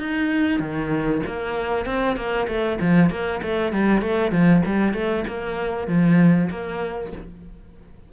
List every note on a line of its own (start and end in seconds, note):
0.00 0.60 D#4
0.60 1.21 D#3
1.26 1.86 A#3
1.86 2.16 C4
2.16 2.47 A#3
2.48 2.79 A3
2.81 3.10 F3
3.10 3.41 A#3
3.42 3.72 A3
3.72 4.02 G3
4.02 4.32 A3
4.32 4.63 F3
4.66 4.94 G3
4.94 5.25 A3
5.28 5.88 A#3
5.88 6.49 F3
6.51 7.12 A#3